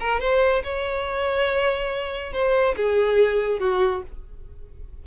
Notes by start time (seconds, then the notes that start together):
0.00 A#4
0.20 C5
0.63 C#5
2.32 C5
2.76 G#4
3.59 F#4